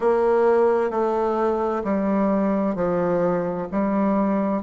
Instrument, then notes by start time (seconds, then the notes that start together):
bassoon
0.00 A#3
0.90 A3
1.83 G3
2.75 F3
3.71 G3